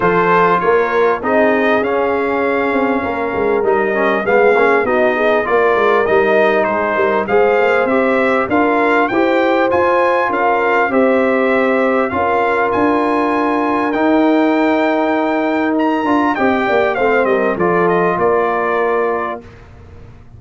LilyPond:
<<
  \new Staff \with { instrumentName = "trumpet" } { \time 4/4 \tempo 4 = 99 c''4 cis''4 dis''4 f''4~ | f''2 dis''4 f''4 | dis''4 d''4 dis''4 c''4 | f''4 e''4 f''4 g''4 |
gis''4 f''4 e''2 | f''4 gis''2 g''4~ | g''2 ais''4 g''4 | f''8 dis''8 d''8 dis''8 d''2 | }
  \new Staff \with { instrumentName = "horn" } { \time 4/4 a'4 ais'4 gis'2~ | gis'4 ais'2 gis'4 | fis'8 gis'8 ais'2 gis'8 ais'8 | c''2 ais'4 c''4~ |
c''4 ais'4 c''2 | ais'1~ | ais'2. dis''8 d''8 | c''8 ais'8 a'4 ais'2 | }
  \new Staff \with { instrumentName = "trombone" } { \time 4/4 f'2 dis'4 cis'4~ | cis'2 dis'8 cis'8 b8 cis'8 | dis'4 f'4 dis'2 | gis'4 g'4 f'4 g'4 |
f'2 g'2 | f'2. dis'4~ | dis'2~ dis'8 f'8 g'4 | c'4 f'2. | }
  \new Staff \with { instrumentName = "tuba" } { \time 4/4 f4 ais4 c'4 cis'4~ | cis'8 c'8 ais8 gis8 g4 gis8 ais8 | b4 ais8 gis8 g4 gis8 g8 | gis8 ais8 c'4 d'4 e'4 |
f'4 cis'4 c'2 | cis'4 d'2 dis'4~ | dis'2~ dis'8 d'8 c'8 ais8 | a8 g8 f4 ais2 | }
>>